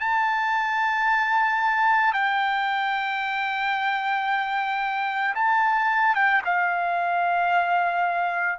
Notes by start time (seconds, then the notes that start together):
0.00 A5
2.13 G5
5.34 A5
6.15 G5
6.44 F5